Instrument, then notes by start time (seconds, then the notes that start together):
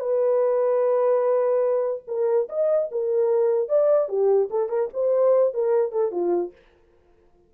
horn
0.00 B4
2.08 A#4
2.49 D#5
2.91 A#4
3.69 D5
4.09 G4
4.50 A4
4.69 A#4
4.94 C5
5.54 A#4
5.92 A4
6.12 F4